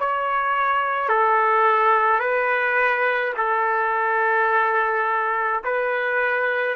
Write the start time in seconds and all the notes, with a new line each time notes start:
0.00 C#5
1.09 A4
2.20 B4
3.37 A4
5.64 B4